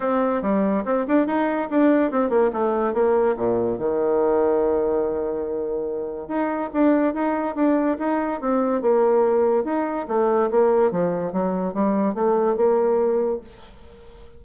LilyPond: \new Staff \with { instrumentName = "bassoon" } { \time 4/4 \tempo 4 = 143 c'4 g4 c'8 d'8 dis'4 | d'4 c'8 ais8 a4 ais4 | ais,4 dis2.~ | dis2. dis'4 |
d'4 dis'4 d'4 dis'4 | c'4 ais2 dis'4 | a4 ais4 f4 fis4 | g4 a4 ais2 | }